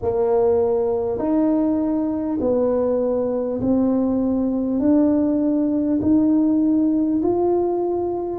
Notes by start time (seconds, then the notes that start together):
0.02 A#3
1.18 D#4
2.40 B3
3.60 C4
4.79 D4
6.01 D#4
7.22 F4